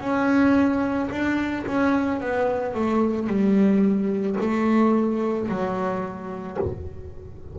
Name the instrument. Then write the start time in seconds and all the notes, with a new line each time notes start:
double bass
0.00 C#4
1.11 D4
1.66 C#4
2.20 B3
2.74 A3
3.27 G3
4.41 A3
5.48 F#3